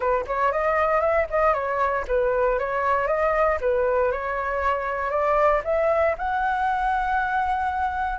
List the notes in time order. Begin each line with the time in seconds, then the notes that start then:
0.00 B4
0.26 C#5
0.52 D#5
1.00 E5
1.30 D#5
1.53 C#5
2.07 B4
2.58 C#5
3.07 D#5
3.61 B4
4.11 C#5
5.10 D5
5.64 E5
6.18 F#5